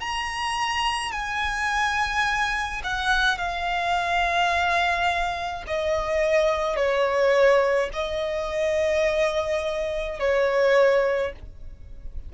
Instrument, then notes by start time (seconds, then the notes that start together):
violin
0.00 A#5
1.12 G#5
2.84 F#5
3.38 F5
5.67 D#5
6.76 C#5
7.93 D#5
10.19 C#5